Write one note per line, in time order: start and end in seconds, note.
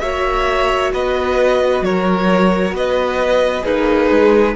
0.00 0.93 A#3
0.00 3.62 F#4
0.00 0.93 C#5
0.00 0.91 E5
0.94 1.81 B3
0.94 1.85 B4
0.94 1.84 D#5
1.81 2.72 F#3
1.81 2.75 A#4
1.81 2.75 C#5
2.72 3.63 B3
2.72 3.66 B4
2.72 3.65 D#5
3.62 4.11 A#3
3.62 4.57 D#4
3.62 4.53 G#4
3.62 4.56 B4
4.11 4.56 G#3